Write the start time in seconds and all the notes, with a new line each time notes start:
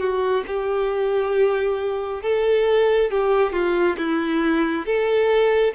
0.00 F#4
0.47 G4
2.23 A4
3.11 G4
3.53 F4
3.98 E4
4.86 A4